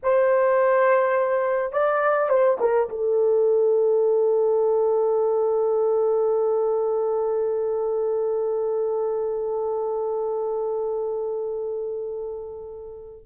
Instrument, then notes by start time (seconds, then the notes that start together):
horn
0.03 C5
1.72 D5
2.29 C5
2.60 A#4
2.89 A4